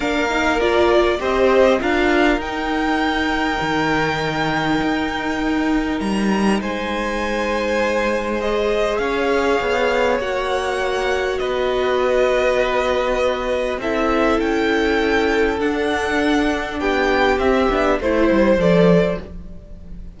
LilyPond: <<
  \new Staff \with { instrumentName = "violin" } { \time 4/4 \tempo 4 = 100 f''4 d''4 dis''4 f''4 | g''1~ | g''2 ais''4 gis''4~ | gis''2 dis''4 f''4~ |
f''4 fis''2 dis''4~ | dis''2. e''4 | g''2 fis''2 | g''4 e''4 c''4 d''4 | }
  \new Staff \with { instrumentName = "violin" } { \time 4/4 ais'2 c''4 ais'4~ | ais'1~ | ais'2. c''4~ | c''2. cis''4~ |
cis''2. b'4~ | b'2. a'4~ | a'1 | g'2 c''2 | }
  \new Staff \with { instrumentName = "viola" } { \time 4/4 d'8 dis'8 f'4 g'4 f'4 | dis'1~ | dis'1~ | dis'2 gis'2~ |
gis'4 fis'2.~ | fis'2. e'4~ | e'2 d'2~ | d'4 c'8 d'8 e'4 a'4 | }
  \new Staff \with { instrumentName = "cello" } { \time 4/4 ais2 c'4 d'4 | dis'2 dis2 | dis'2 g4 gis4~ | gis2. cis'4 |
b4 ais2 b4~ | b2. c'4 | cis'2 d'2 | b4 c'8 b8 a8 g8 f4 | }
>>